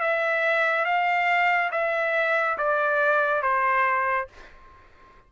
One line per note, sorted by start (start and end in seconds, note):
0.00 0.85 E5
0.85 1.71 F5
1.71 2.57 E5
2.58 3.42 D5
3.42 4.28 C5